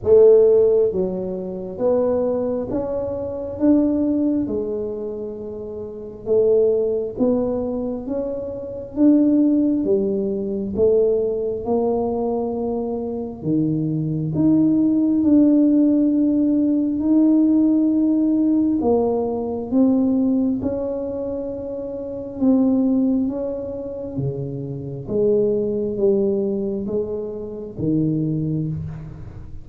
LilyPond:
\new Staff \with { instrumentName = "tuba" } { \time 4/4 \tempo 4 = 67 a4 fis4 b4 cis'4 | d'4 gis2 a4 | b4 cis'4 d'4 g4 | a4 ais2 dis4 |
dis'4 d'2 dis'4~ | dis'4 ais4 c'4 cis'4~ | cis'4 c'4 cis'4 cis4 | gis4 g4 gis4 dis4 | }